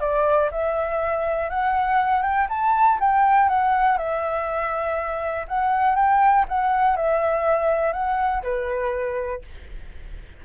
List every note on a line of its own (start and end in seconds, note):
0.00 0.50 D5
0.51 1.50 E5
1.50 2.22 F#5
2.22 2.47 G5
2.49 2.99 A5
3.00 3.49 G5
3.49 3.98 F#5
3.98 5.46 E5
5.48 5.95 F#5
5.95 6.45 G5
6.48 6.97 F#5
6.97 7.93 E5
7.93 8.43 F#5
8.43 9.42 B4